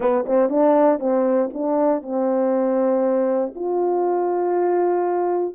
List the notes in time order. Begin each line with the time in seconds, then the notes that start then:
0.00 B3
0.26 C4
0.49 D4
0.99 C4
1.53 D4
2.02 C4
3.55 F4